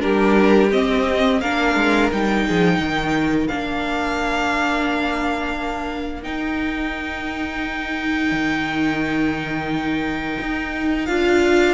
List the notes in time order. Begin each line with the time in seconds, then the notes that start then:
0.00 G3 D4 G4 A#4
0.72 C4 D#5
1.41 A#3 D4 A#4 F5
1.75 G#3
2.12 G3 D#4 G5
2.48 F3 G#4
2.78 D#3 A#4
3.47 A#3 D4 F5
6.23 D#4 G5
8.31 D#3
10.41 D#4
11.06 D4 F4 F5